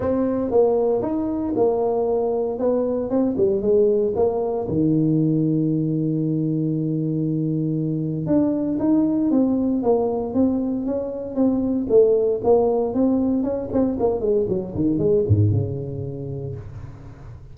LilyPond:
\new Staff \with { instrumentName = "tuba" } { \time 4/4 \tempo 4 = 116 c'4 ais4 dis'4 ais4~ | ais4 b4 c'8 g8 gis4 | ais4 dis2.~ | dis1 |
d'4 dis'4 c'4 ais4 | c'4 cis'4 c'4 a4 | ais4 c'4 cis'8 c'8 ais8 gis8 | fis8 dis8 gis8 gis,8 cis2 | }